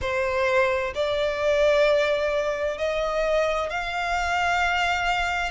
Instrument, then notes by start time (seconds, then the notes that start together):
violin
0.01 C5
0.94 D5
2.78 D#5
3.70 F5